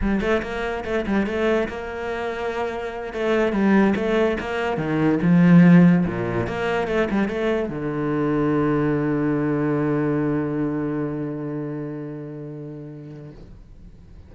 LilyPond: \new Staff \with { instrumentName = "cello" } { \time 4/4 \tempo 4 = 144 g8 a8 ais4 a8 g8 a4 | ais2.~ ais8 a8~ | a8 g4 a4 ais4 dis8~ | dis8 f2 ais,4 ais8~ |
ais8 a8 g8 a4 d4.~ | d1~ | d1~ | d1 | }